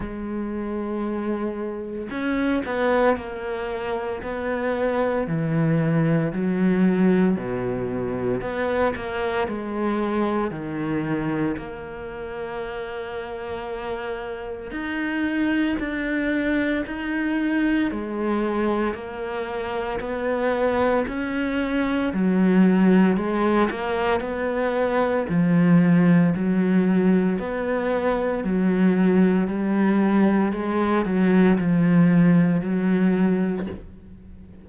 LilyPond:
\new Staff \with { instrumentName = "cello" } { \time 4/4 \tempo 4 = 57 gis2 cis'8 b8 ais4 | b4 e4 fis4 b,4 | b8 ais8 gis4 dis4 ais4~ | ais2 dis'4 d'4 |
dis'4 gis4 ais4 b4 | cis'4 fis4 gis8 ais8 b4 | f4 fis4 b4 fis4 | g4 gis8 fis8 f4 fis4 | }